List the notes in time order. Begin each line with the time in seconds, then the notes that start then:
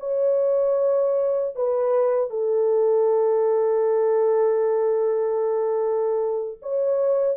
0.00 C#5
1.56 B4
2.30 A4
6.62 C#5